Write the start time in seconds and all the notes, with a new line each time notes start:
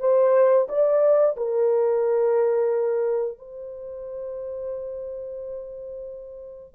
0.00 C5
0.69 D5
1.37 A#4
3.39 C5